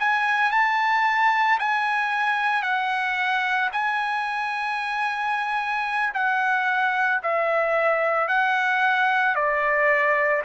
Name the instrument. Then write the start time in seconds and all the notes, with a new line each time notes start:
trumpet
0.00 G#5
0.52 A5
1.59 G#5
2.62 F#5
3.73 G#5
6.15 F#5
7.23 E5
8.28 F#5
9.36 D5